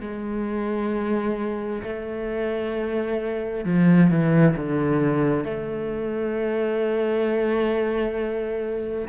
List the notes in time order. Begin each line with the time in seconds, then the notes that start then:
0.00 G#3
1.83 A3
3.64 F3
4.10 E3
4.56 D3
5.44 A3